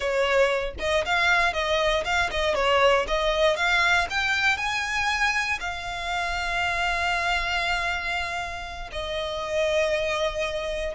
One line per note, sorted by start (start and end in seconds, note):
0.00 0.74 C#5
0.79 1.04 D#5
1.05 1.53 F5
1.53 2.03 D#5
2.04 2.30 F5
2.30 2.54 D#5
2.54 3.05 C#5
3.07 3.56 D#5
3.56 4.07 F5
4.10 4.57 G5
4.57 5.59 G#5
5.59 8.90 F5
8.92 10.95 D#5